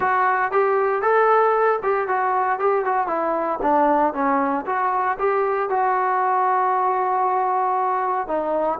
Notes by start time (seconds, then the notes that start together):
0.00 F#4
0.51 G4
1.02 A4
1.82 G4
2.07 F#4
2.59 G4
2.84 F#4
3.07 E4
3.61 D4
4.13 C#4
4.66 F#4
5.18 G4
5.69 F#4
8.27 D#4